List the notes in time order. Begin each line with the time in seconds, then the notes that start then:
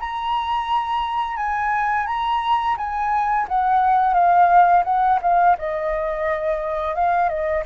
0.00 A#5
1.37 G#5
2.06 A#5
2.77 G#5
3.48 F#5
4.14 F5
4.84 F#5
5.22 F5
5.58 D#5
6.95 F5
7.29 D#5